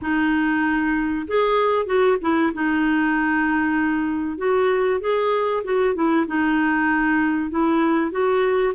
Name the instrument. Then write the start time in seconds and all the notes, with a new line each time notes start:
clarinet
0.01 D#4
1.27 G#4
1.86 F#4
2.21 E4
2.53 D#4
4.38 F#4
5.00 G#4
5.64 F#4
5.94 E4
6.26 D#4
7.50 E4
8.11 F#4